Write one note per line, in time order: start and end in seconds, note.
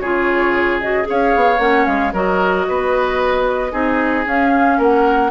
0.00 1.07 C#3
0.00 0.82 F4
0.00 1.08 G#4
0.00 0.80 C#5
0.80 1.03 F#4
0.80 1.07 D#5
1.03 1.56 G#4
1.03 2.13 C#5
1.09 1.36 C#4
1.09 1.60 F5
1.36 1.59 B3
1.59 1.85 A#3
1.59 2.12 C#4
1.59 1.86 F#5
1.86 2.13 G#3
1.86 2.12 F5
2.13 2.66 F#3
2.13 3.71 F#4
2.13 2.66 A#4
2.13 4.27 D#5
2.69 3.73 B3
2.69 3.72 B4
3.71 4.26 C4
3.71 4.24 D#4
3.71 4.78 G#4
4.26 4.79 C#4
4.26 5.30 C#4
4.26 4.81 F5
4.78 5.30 A#3
4.78 5.30 A#4
4.78 5.30 F#5